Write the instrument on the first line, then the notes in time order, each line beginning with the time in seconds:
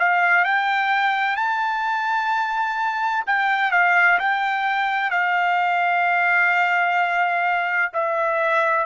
trumpet
0.00 F5
0.45 G5
1.37 A5
3.27 G5
3.72 F5
4.20 G5
5.11 F5
7.94 E5